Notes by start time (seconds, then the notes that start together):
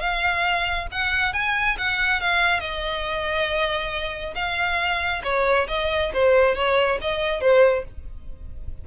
0.00 F5
0.91 F#5
1.33 G#5
1.78 F#5
2.21 F5
2.60 D#5
4.35 F5
5.24 C#5
5.68 D#5
6.13 C5
6.55 C#5
7.01 D#5
7.41 C5